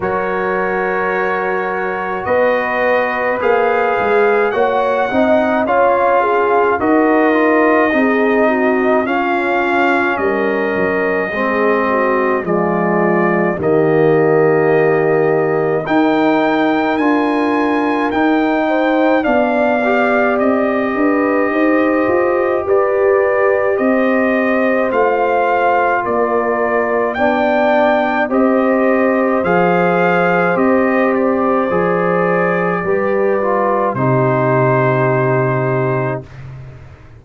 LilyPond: <<
  \new Staff \with { instrumentName = "trumpet" } { \time 4/4 \tempo 4 = 53 cis''2 dis''4 f''4 | fis''4 f''4 dis''2 | f''4 dis''2 d''4 | dis''2 g''4 gis''4 |
g''4 f''4 dis''2 | d''4 dis''4 f''4 d''4 | g''4 dis''4 f''4 dis''8 d''8~ | d''2 c''2 | }
  \new Staff \with { instrumentName = "horn" } { \time 4/4 ais'2 b'2 | cis''8 dis''8 cis''8 gis'8 ais'4 gis'8 fis'8 | f'4 ais'4 gis'8 fis'8 f'4 | g'2 ais'2~ |
ais'8 c''8 d''4. b'8 c''4 | b'4 c''2 ais'4 | d''4 c''2.~ | c''4 b'4 g'2 | }
  \new Staff \with { instrumentName = "trombone" } { \time 4/4 fis'2. gis'4 | fis'8 dis'8 f'4 fis'8 f'8 dis'4 | cis'2 c'4 gis4 | ais2 dis'4 f'4 |
dis'4 d'8 g'2~ g'8~ | g'2 f'2 | d'4 g'4 gis'4 g'4 | gis'4 g'8 f'8 dis'2 | }
  \new Staff \with { instrumentName = "tuba" } { \time 4/4 fis2 b4 ais8 gis8 | ais8 c'8 cis'4 dis'4 c'4 | cis'4 g8 fis8 gis4 f4 | dis2 dis'4 d'4 |
dis'4 b4 c'8 d'8 dis'8 f'8 | g'4 c'4 a4 ais4 | b4 c'4 f4 c'4 | f4 g4 c2 | }
>>